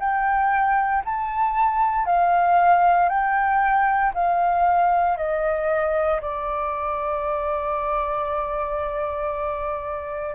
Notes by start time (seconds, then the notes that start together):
0.00 G5
1.05 A5
2.06 F5
3.09 G5
4.14 F5
5.17 D#5
6.22 D5